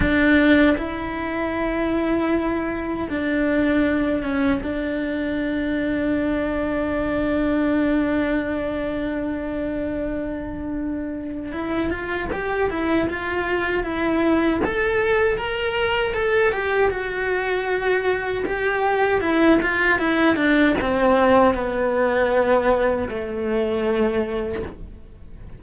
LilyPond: \new Staff \with { instrumentName = "cello" } { \time 4/4 \tempo 4 = 78 d'4 e'2. | d'4. cis'8 d'2~ | d'1~ | d'2. e'8 f'8 |
g'8 e'8 f'4 e'4 a'4 | ais'4 a'8 g'8 fis'2 | g'4 e'8 f'8 e'8 d'8 c'4 | b2 a2 | }